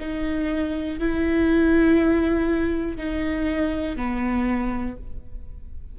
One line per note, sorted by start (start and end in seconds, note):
0.00 0.99 D#4
0.99 2.98 E4
2.98 3.96 D#4
3.96 4.96 B3